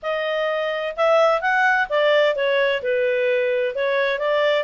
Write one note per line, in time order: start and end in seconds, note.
0.02 0.95 D#5
0.96 1.41 E5
1.41 1.87 F#5
1.89 2.35 D5
2.35 2.82 C#5
2.82 3.75 B4
3.75 4.19 C#5
4.19 4.64 D5